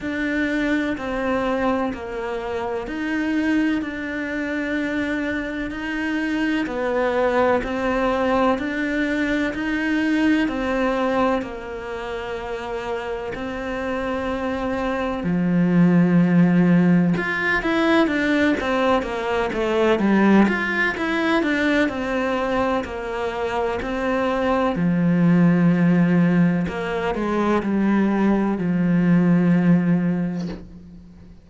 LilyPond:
\new Staff \with { instrumentName = "cello" } { \time 4/4 \tempo 4 = 63 d'4 c'4 ais4 dis'4 | d'2 dis'4 b4 | c'4 d'4 dis'4 c'4 | ais2 c'2 |
f2 f'8 e'8 d'8 c'8 | ais8 a8 g8 f'8 e'8 d'8 c'4 | ais4 c'4 f2 | ais8 gis8 g4 f2 | }